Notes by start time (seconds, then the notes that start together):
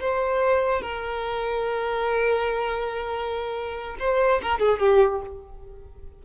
0.00 C5
0.82 A#4
3.99 C5
4.42 A#4
4.59 G#4
4.79 G4